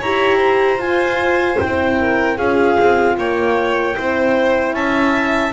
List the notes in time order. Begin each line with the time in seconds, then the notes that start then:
0.00 E4 G4 C#5 A#5
0.37 C5
0.78 F4 G#5
1.60 C4 E4 G5
2.00 A#4
2.38 C#4 F4 G#4 F5
2.80 C4
3.18 A#3 C#5 G5
3.95 C4 E4 C5
4.73 C#4 E5 A5